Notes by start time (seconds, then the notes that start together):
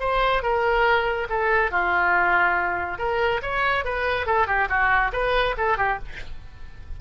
0.00 C5
0.42 A#4
1.29 A4
1.71 F4
2.98 A#4
3.42 C#5
3.84 B4
4.26 A4
4.47 G4
4.69 F#4
5.13 B4
5.57 A4
5.77 G4